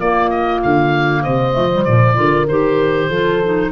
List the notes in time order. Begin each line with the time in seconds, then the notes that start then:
0.00 A#3 F4 D5
0.30 D#5
0.63 D3 F5
1.23 C3 C5 D#5
1.53 F3 A3
1.73 G3
1.85 A#2 F3 D5
2.15 D3 F4 A#4
2.48 D#3 G4 C5
3.09 F3 F4 A4
3.44 D#4